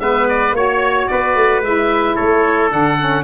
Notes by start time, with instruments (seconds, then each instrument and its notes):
0.00 tuba G#3, saxophone B3, trumpet B4, oboe E5
0.29 oboe D5
0.53 tuba A#3, saxophone F#4, trumpet C#5, oboe C#5
1.08 tuba B3, trumpet B4, oboe D5
1.36 tuba A3
1.62 tuba G#3, saxophone E4, oboe E5
2.16 tuba A3, trumpet A4, oboe C#5
2.69 tuba D3, saxophone D4, oboe F#5
2.99 saxophone C#4